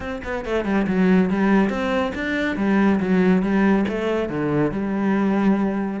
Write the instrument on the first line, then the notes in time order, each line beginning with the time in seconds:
cello
0.00 C4
0.24 B3
0.45 A3
0.64 G3
0.87 F#3
1.30 G3
1.69 C4
2.14 D4
2.56 G3
3.00 F#3
3.42 G3
3.88 A3
4.29 D3
4.71 G3